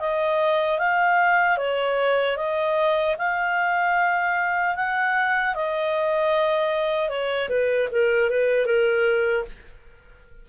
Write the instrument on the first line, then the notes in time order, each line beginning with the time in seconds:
clarinet
0.00 D#5
0.79 F5
1.58 C#5
2.37 D#5
3.18 F5
4.75 F#5
5.55 D#5
7.09 C#5
7.49 B4
7.92 A#4
8.30 B4
8.66 A#4